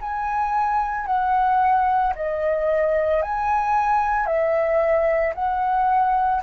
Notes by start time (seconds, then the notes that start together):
0.00 G#5
1.06 F#5
2.15 D#5
3.22 G#5
4.26 E5
5.34 F#5